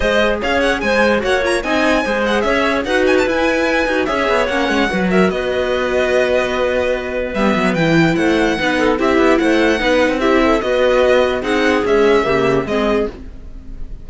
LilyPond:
<<
  \new Staff \with { instrumentName = "violin" } { \time 4/4 \tempo 4 = 147 dis''4 f''8 fis''8 gis''4 fis''8 ais''8 | gis''4. fis''8 e''4 fis''8 gis''16 a''16 | gis''2 e''4 fis''4~ | fis''8 e''8 dis''2.~ |
dis''2 e''4 g''4 | fis''2 e''4 fis''4~ | fis''4 e''4 dis''2 | fis''4 e''2 dis''4 | }
  \new Staff \with { instrumentName = "clarinet" } { \time 4/4 c''4 cis''4 c''4 cis''4 | dis''4 c''4 cis''4 b'4~ | b'2 cis''2 | b'8 ais'8 b'2.~ |
b'1 | c''4 b'8 a'8 g'4 c''4 | b'4 g'8 a'8 b'2 | gis'2 g'4 gis'4 | }
  \new Staff \with { instrumentName = "viola" } { \time 4/4 gis'2. fis'8 f'8 | dis'4 gis'2 fis'4 | e'4. fis'8 gis'4 cis'4 | fis'1~ |
fis'2 b4 e'4~ | e'4 dis'4 e'2 | dis'4 e'4 fis'2 | dis'4 gis4 ais4 c'4 | }
  \new Staff \with { instrumentName = "cello" } { \time 4/4 gis4 cis'4 gis4 ais4 | c'4 gis4 cis'4 dis'4 | e'4. dis'8 cis'8 b8 ais8 gis8 | fis4 b2.~ |
b2 g8 fis8 e4 | a4 b4 c'8 b8 a4 | b8. c'4~ c'16 b2 | c'4 cis'4 cis4 gis4 | }
>>